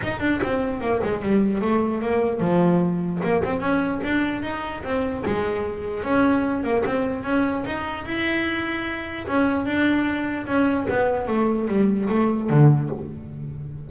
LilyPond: \new Staff \with { instrumentName = "double bass" } { \time 4/4 \tempo 4 = 149 dis'8 d'8 c'4 ais8 gis8 g4 | a4 ais4 f2 | ais8 c'8 cis'4 d'4 dis'4 | c'4 gis2 cis'4~ |
cis'8 ais8 c'4 cis'4 dis'4 | e'2. cis'4 | d'2 cis'4 b4 | a4 g4 a4 d4 | }